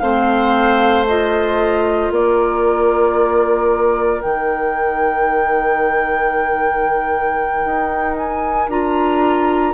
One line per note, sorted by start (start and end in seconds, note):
0.00 2.11 A3
0.00 1.07 C4
0.00 2.13 C5
0.00 1.05 F5
1.07 4.23 F4
1.07 2.13 D#5
2.11 4.22 A#3
2.11 9.74 A#4
2.11 4.22 D5
4.22 7.65 D#3
4.22 8.70 D#4
4.22 8.17 G5
7.65 8.68 D#4
8.17 8.70 G#5
8.68 9.73 D4
8.68 9.74 F4
8.68 9.74 A#5